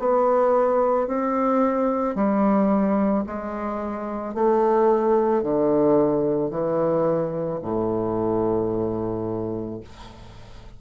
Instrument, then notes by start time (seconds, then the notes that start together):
bassoon
0.00 B3
1.08 C4
2.16 G3
3.27 G#3
4.35 A3
5.43 D3
6.51 E3
7.63 A2